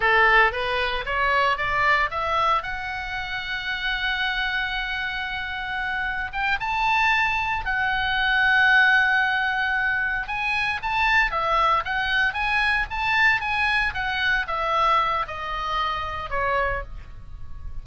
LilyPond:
\new Staff \with { instrumentName = "oboe" } { \time 4/4 \tempo 4 = 114 a'4 b'4 cis''4 d''4 | e''4 fis''2.~ | fis''1 | g''8 a''2 fis''4.~ |
fis''2.~ fis''8 gis''8~ | gis''8 a''4 e''4 fis''4 gis''8~ | gis''8 a''4 gis''4 fis''4 e''8~ | e''4 dis''2 cis''4 | }